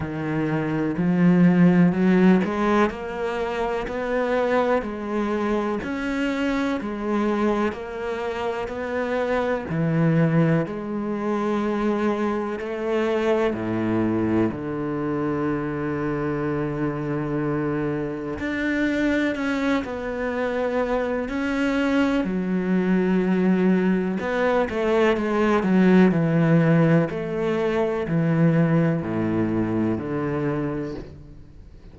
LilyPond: \new Staff \with { instrumentName = "cello" } { \time 4/4 \tempo 4 = 62 dis4 f4 fis8 gis8 ais4 | b4 gis4 cis'4 gis4 | ais4 b4 e4 gis4~ | gis4 a4 a,4 d4~ |
d2. d'4 | cis'8 b4. cis'4 fis4~ | fis4 b8 a8 gis8 fis8 e4 | a4 e4 a,4 d4 | }